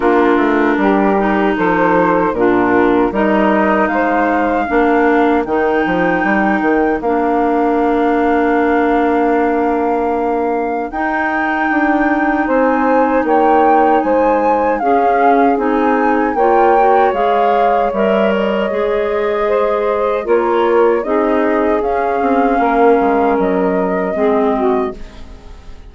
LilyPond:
<<
  \new Staff \with { instrumentName = "flute" } { \time 4/4 \tempo 4 = 77 ais'2 c''4 ais'4 | dis''4 f''2 g''4~ | g''4 f''2.~ | f''2 g''2 |
gis''4 g''4 gis''4 f''4 | gis''4 g''4 f''4 e''8 dis''8~ | dis''2 cis''4 dis''4 | f''2 dis''2 | }
  \new Staff \with { instrumentName = "saxophone" } { \time 4/4 f'4 g'4 a'4 f'4 | ais'4 c''4 ais'2~ | ais'1~ | ais'1 |
c''4 cis''4 c''4 gis'4~ | gis'4 cis''2.~ | cis''4 c''4 ais'4 gis'4~ | gis'4 ais'2 gis'8 fis'8 | }
  \new Staff \with { instrumentName = "clarinet" } { \time 4/4 d'4. dis'4. d'4 | dis'2 d'4 dis'4~ | dis'4 d'2.~ | d'2 dis'2~ |
dis'2. cis'4 | dis'4 f'8 fis'8 gis'4 ais'4 | gis'2 f'4 dis'4 | cis'2. c'4 | }
  \new Staff \with { instrumentName = "bassoon" } { \time 4/4 ais8 a8 g4 f4 ais,4 | g4 gis4 ais4 dis8 f8 | g8 dis8 ais2.~ | ais2 dis'4 d'4 |
c'4 ais4 gis4 cis'4 | c'4 ais4 gis4 g4 | gis2 ais4 c'4 | cis'8 c'8 ais8 gis8 fis4 gis4 | }
>>